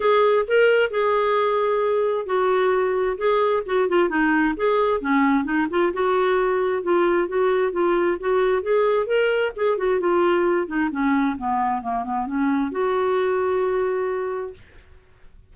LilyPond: \new Staff \with { instrumentName = "clarinet" } { \time 4/4 \tempo 4 = 132 gis'4 ais'4 gis'2~ | gis'4 fis'2 gis'4 | fis'8 f'8 dis'4 gis'4 cis'4 | dis'8 f'8 fis'2 f'4 |
fis'4 f'4 fis'4 gis'4 | ais'4 gis'8 fis'8 f'4. dis'8 | cis'4 b4 ais8 b8 cis'4 | fis'1 | }